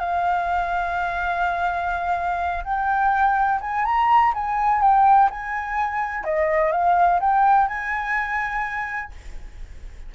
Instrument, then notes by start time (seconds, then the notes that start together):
flute
0.00 F5
2.64 G5
3.61 G#5
3.85 A#5
4.34 G#5
4.82 G5
5.30 G#5
6.24 D#5
6.72 F5
7.20 G5
7.68 G#5